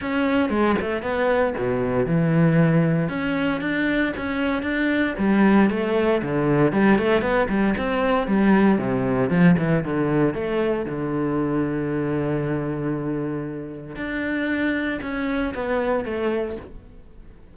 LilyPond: \new Staff \with { instrumentName = "cello" } { \time 4/4 \tempo 4 = 116 cis'4 gis8 a8 b4 b,4 | e2 cis'4 d'4 | cis'4 d'4 g4 a4 | d4 g8 a8 b8 g8 c'4 |
g4 c4 f8 e8 d4 | a4 d2.~ | d2. d'4~ | d'4 cis'4 b4 a4 | }